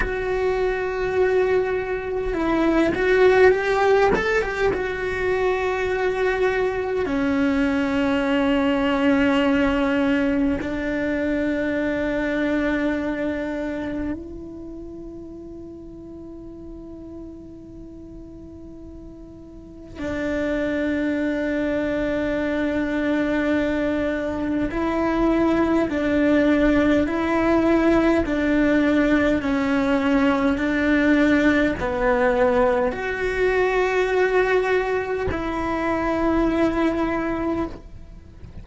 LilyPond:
\new Staff \with { instrumentName = "cello" } { \time 4/4 \tempo 4 = 51 fis'2 e'8 fis'8 g'8 a'16 g'16 | fis'2 cis'2~ | cis'4 d'2. | e'1~ |
e'4 d'2.~ | d'4 e'4 d'4 e'4 | d'4 cis'4 d'4 b4 | fis'2 e'2 | }